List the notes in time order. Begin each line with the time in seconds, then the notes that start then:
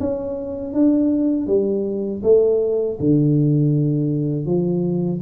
0.00 C#4
0.74 D4
1.47 G3
2.23 A3
2.99 D3
4.45 F3